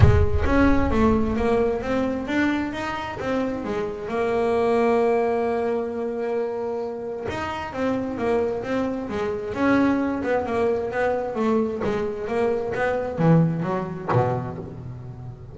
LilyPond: \new Staff \with { instrumentName = "double bass" } { \time 4/4 \tempo 4 = 132 gis4 cis'4 a4 ais4 | c'4 d'4 dis'4 c'4 | gis4 ais2.~ | ais1 |
dis'4 c'4 ais4 c'4 | gis4 cis'4. b8 ais4 | b4 a4 gis4 ais4 | b4 e4 fis4 b,4 | }